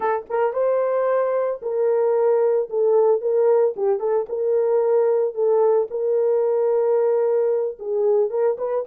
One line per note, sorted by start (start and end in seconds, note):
0.00 0.26 A4
0.29 0.53 A#4
0.53 1.60 C5
1.62 2.69 A#4
2.69 3.21 A4
3.21 3.75 A#4
3.76 3.99 G4
3.99 4.26 A4
4.29 5.34 A#4
5.34 5.88 A4
5.90 7.78 A#4
7.79 8.30 G#4
8.30 8.56 A#4
8.58 8.84 B4